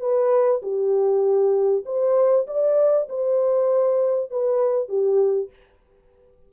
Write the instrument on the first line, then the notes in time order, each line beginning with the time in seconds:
horn
0.00 B4
0.62 G4
1.86 C5
2.47 D5
3.09 C5
4.31 B4
4.89 G4